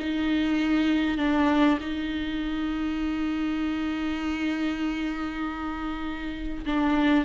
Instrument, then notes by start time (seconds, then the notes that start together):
viola
0.00 D#4
1.18 D4
1.81 D#4
6.66 D4